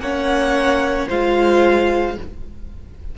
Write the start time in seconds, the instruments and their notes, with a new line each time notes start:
0.00 cello A#3, viola C#4, violin C#5 F#5
1.09 cello G#3, viola F4, violin C5 F5